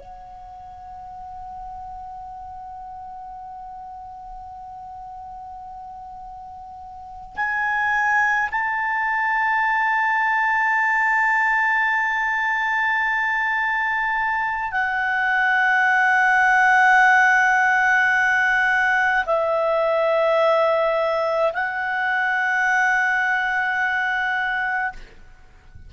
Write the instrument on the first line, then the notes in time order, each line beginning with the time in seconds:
clarinet
0.00 F#5
7.36 G#5
8.51 A5
14.72 F#5
19.26 E5
21.53 F#5